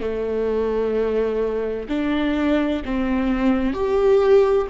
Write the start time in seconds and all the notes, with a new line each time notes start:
0.00 A3
1.89 D4
2.85 C4
3.73 G4